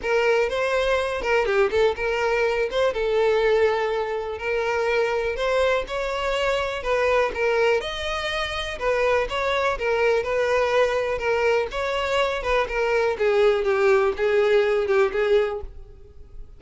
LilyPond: \new Staff \with { instrumentName = "violin" } { \time 4/4 \tempo 4 = 123 ais'4 c''4. ais'8 g'8 a'8 | ais'4. c''8 a'2~ | a'4 ais'2 c''4 | cis''2 b'4 ais'4 |
dis''2 b'4 cis''4 | ais'4 b'2 ais'4 | cis''4. b'8 ais'4 gis'4 | g'4 gis'4. g'8 gis'4 | }